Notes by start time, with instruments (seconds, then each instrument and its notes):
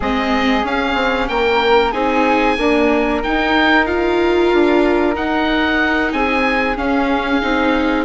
0.00 bassoon G#3, viola C4, flute G#4, oboe D#5
0.63 viola C#4, bassoon C#4, oboe F5
0.94 bassoon C4
1.28 bassoon A#3, flute A#4, oboe G5
1.92 bassoon C4, viola D#4, flute G#4, oboe G#5
2.58 viola A#3, bassoon D4, flute A#4
3.23 viola D#4, bassoon D#4, oboe G5
3.86 viola F4, oboe F5
4.53 bassoon D4
5.14 viola D#4, bassoon D#4, oboe F#5
6.12 bassoon C4, flute G#4, oboe G#5
6.76 viola C#4, bassoon C#4, oboe F5
7.41 bassoon C4, viola D#4